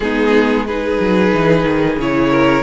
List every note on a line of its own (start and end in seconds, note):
0.00 0.98 G#3
0.00 0.68 B3
0.00 0.67 D#4
0.00 0.65 G#4
0.66 2.00 D#4
0.66 2.30 G#4
0.66 1.98 B4
1.00 1.33 F#3
1.33 1.64 E3
1.64 1.96 D#3
1.96 2.62 C#3
1.96 2.62 E4
1.96 2.62 C#5
2.30 2.62 A#4